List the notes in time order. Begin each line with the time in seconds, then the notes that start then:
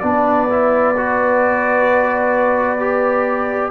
0.00 B3 D4 B4 D5
0.49 E4
0.97 F#4
2.80 G4